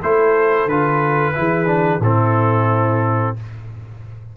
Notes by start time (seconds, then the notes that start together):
0.00 A3 E4 A4 C5
0.66 D3 F4 B4
1.34 E3 E4 G#4
1.66 D4
1.99 A2 C4 E4 A4